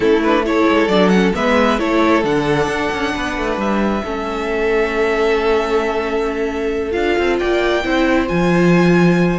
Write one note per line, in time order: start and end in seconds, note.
0.00 0.63 A3
0.00 0.21 C#4
0.00 0.43 E4
0.00 0.22 A4
0.22 0.44 D4
0.22 0.45 B4
0.44 0.89 E4
0.44 1.36 A4
0.44 0.87 C#5
0.69 0.87 G#3
0.87 1.32 F#3
0.87 1.12 D4
0.87 1.09 D5
1.09 1.33 C#4
1.09 1.31 F#5
1.33 1.79 G#3
1.33 1.78 B3
1.33 1.79 B4
1.33 1.79 E5
1.78 2.24 A3
1.78 2.23 E4
1.78 3.13 A4
1.78 2.24 C#5
2.23 2.67 D3
2.23 4.02 D4
2.23 3.59 F#5
2.67 2.89 D4
2.92 3.14 C#4
3.15 3.37 B3
3.15 4.03 B4
3.37 3.57 A3
3.57 4.01 G3
3.57 6.91 E5
4.03 6.95 A3
4.03 6.91 C#4
4.03 7.39 A4
6.91 7.17 D4
6.91 7.81 F4
6.91 7.36 F5
7.18 7.40 C4
7.39 7.84 A#3
7.39 7.83 D5
7.39 8.27 G5
7.84 8.29 C4
7.84 8.27 E4
7.84 9.39 C5
8.27 9.39 F3
8.27 9.39 F4
8.27 9.39 G#5